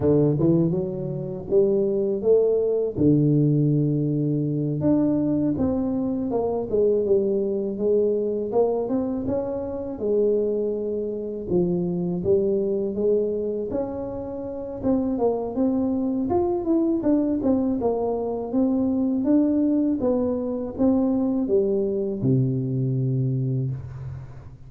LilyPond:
\new Staff \with { instrumentName = "tuba" } { \time 4/4 \tempo 4 = 81 d8 e8 fis4 g4 a4 | d2~ d8 d'4 c'8~ | c'8 ais8 gis8 g4 gis4 ais8 | c'8 cis'4 gis2 f8~ |
f8 g4 gis4 cis'4. | c'8 ais8 c'4 f'8 e'8 d'8 c'8 | ais4 c'4 d'4 b4 | c'4 g4 c2 | }